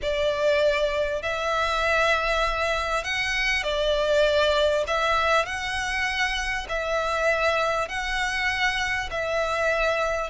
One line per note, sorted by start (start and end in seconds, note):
0.02 1.22 D5
1.22 3.03 E5
3.03 3.63 F#5
3.63 4.84 D5
4.87 5.45 E5
5.45 6.66 F#5
6.68 7.88 E5
7.88 9.09 F#5
9.10 10.30 E5